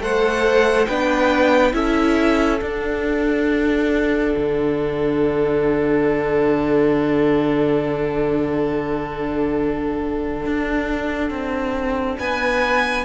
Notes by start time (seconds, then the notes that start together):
0.00 A3 A4 C5 F#5
0.86 B3 D4 B4 G5
1.72 C#4 E4 A4 E5
2.61 D4 F#5
4.37 D3
10.46 D4
11.30 C4
12.19 B3 B4 G#5